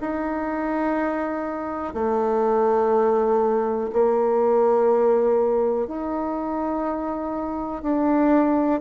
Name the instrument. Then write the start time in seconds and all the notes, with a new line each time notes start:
bassoon
0.00 D#4
1.93 A3
3.92 A#3
5.87 D#4
7.82 D4